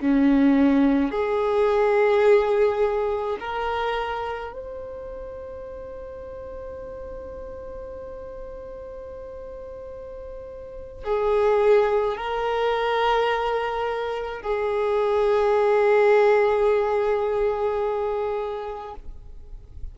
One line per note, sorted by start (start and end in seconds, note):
0.00 1.11 C#4
1.11 3.38 G#4
3.40 4.53 A#4
4.53 11.04 C5
11.04 12.17 G#4
12.17 14.42 A#4
14.42 18.95 G#4